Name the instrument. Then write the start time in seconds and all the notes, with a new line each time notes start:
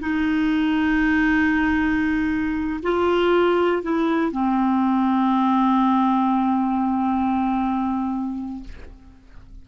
clarinet
0.00 D#4
2.82 F4
3.82 E4
4.31 C4